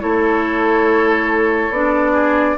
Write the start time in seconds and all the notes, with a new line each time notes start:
0.00 A3 E4 A4 C#5
1.70 B3 D4 D5
2.13 G#4